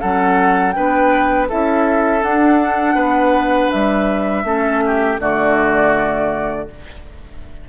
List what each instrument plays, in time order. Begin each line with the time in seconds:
0.00 bassoon F#3, clarinet C#4, oboe A4, flute F#5
0.72 bassoon B3, clarinet D4, oboe B4, flute G5
1.48 bassoon C#4, clarinet E4, oboe A4, flute E5
2.22 clarinet D4, bassoon D4, flute F#5
2.95 bassoon B3, oboe B4
3.71 bassoon G3, flute E5
4.44 bassoon A3, clarinet C#4, oboe A4
4.85 oboe G4
5.19 bassoon D3, clarinet A3, oboe F#4, flute D5